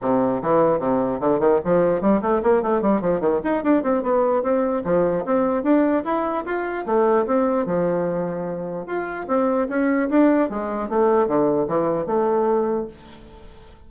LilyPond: \new Staff \with { instrumentName = "bassoon" } { \time 4/4 \tempo 4 = 149 c4 e4 c4 d8 dis8 | f4 g8 a8 ais8 a8 g8 f8 | dis8 dis'8 d'8 c'8 b4 c'4 | f4 c'4 d'4 e'4 |
f'4 a4 c'4 f4~ | f2 f'4 c'4 | cis'4 d'4 gis4 a4 | d4 e4 a2 | }